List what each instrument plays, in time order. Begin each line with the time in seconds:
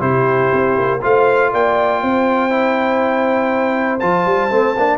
0.00 tuba C3, trombone E4, horn G4, trumpet C5
0.53 tuba C4
0.78 tuba A#3
1.02 tuba A3, trombone F4, horn C5, trumpet F5
1.52 tuba A#3, horn D5, trumpet G5
2.02 tuba C4, horn C5
2.50 trombone E4
4.00 tuba F3, trombone F4, trumpet A5
4.26 tuba G3
4.50 tuba A3, trombone C4
4.77 tuba A#3, trombone D4